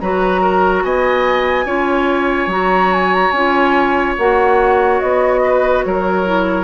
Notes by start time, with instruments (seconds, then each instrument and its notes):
0.00 bassoon F#3, clarinet F#4, oboe B4, flute A#5
0.41 oboe A#4
0.84 bassoon B3, oboe D#5, flute G#5
1.65 bassoon C#4, clarinet F4, oboe C#5
2.47 bassoon F#3, clarinet F#4, flute A#5
2.93 flute G#5
3.14 flute A#5
3.31 bassoon C#4, clarinet F4, flute G#5
4.18 bassoon A#3, clarinet F#4, flute F#5
5.00 bassoon B3, flute D#5
5.43 oboe B4
5.84 bassoon F#3, oboe A#4, flute C#5
6.25 clarinet E4